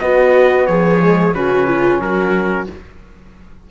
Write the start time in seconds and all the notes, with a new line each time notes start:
0.00 B3 F#4 D#5
0.66 F3 G#4 C#5
1.01 G#3
1.34 C#3 C#4 F#4 B4
1.67 F4
1.99 F#3 F#4 A#4